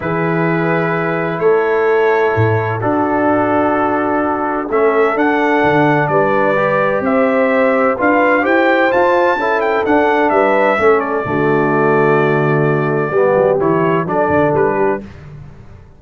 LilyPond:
<<
  \new Staff \with { instrumentName = "trumpet" } { \time 4/4 \tempo 4 = 128 b'2. cis''4~ | cis''2 a'2~ | a'2 e''4 fis''4~ | fis''4 d''2 e''4~ |
e''4 f''4 g''4 a''4~ | a''8 g''8 fis''4 e''4. d''8~ | d''1~ | d''4 cis''4 d''4 b'4 | }
  \new Staff \with { instrumentName = "horn" } { \time 4/4 gis'2. a'4~ | a'2 fis'2~ | fis'2 a'2~ | a'4 b'2 c''4~ |
c''4 b'4 c''2 | a'2 b'4 a'4 | fis'1 | g'2 a'4. g'8 | }
  \new Staff \with { instrumentName = "trombone" } { \time 4/4 e'1~ | e'2 d'2~ | d'2 cis'4 d'4~ | d'2 g'2~ |
g'4 f'4 g'4 f'4 | e'4 d'2 cis'4 | a1 | b4 e'4 d'2 | }
  \new Staff \with { instrumentName = "tuba" } { \time 4/4 e2. a4~ | a4 a,4 d'2~ | d'2 a4 d'4 | d4 g2 c'4~ |
c'4 d'4 e'4 f'4 | cis'4 d'4 g4 a4 | d1 | g8 fis8 e4 fis8 d8 g4 | }
>>